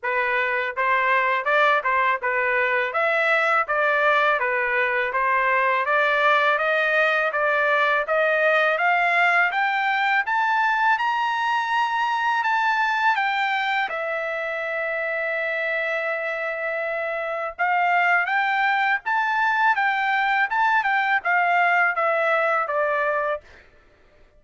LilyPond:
\new Staff \with { instrumentName = "trumpet" } { \time 4/4 \tempo 4 = 82 b'4 c''4 d''8 c''8 b'4 | e''4 d''4 b'4 c''4 | d''4 dis''4 d''4 dis''4 | f''4 g''4 a''4 ais''4~ |
ais''4 a''4 g''4 e''4~ | e''1 | f''4 g''4 a''4 g''4 | a''8 g''8 f''4 e''4 d''4 | }